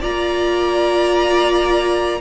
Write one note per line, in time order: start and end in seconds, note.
0.00 2.20 A#3
0.00 2.20 F4
0.00 2.18 D5
0.00 2.20 A#5